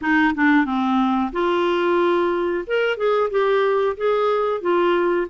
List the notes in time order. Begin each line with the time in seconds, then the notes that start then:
0.01 D#4
0.34 D4
0.65 C4
1.32 F4
2.66 A#4
2.97 G#4
3.30 G4
3.96 G#4
4.61 F4